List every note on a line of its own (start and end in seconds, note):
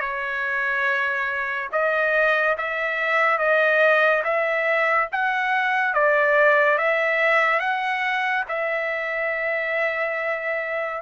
0.00 1.69 C#5
1.72 2.56 D#5
2.57 3.38 E5
3.38 4.23 D#5
4.24 5.08 E5
5.12 5.93 F#5
5.93 6.78 D5
6.78 7.59 E5
7.59 8.44 F#5
8.48 11.01 E5